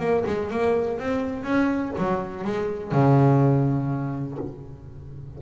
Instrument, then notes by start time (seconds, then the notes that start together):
double bass
0.00 A#3
0.26 G#3
0.51 A#3
0.99 C4
1.44 C#4
1.98 F#3
2.45 G#3
2.92 C#3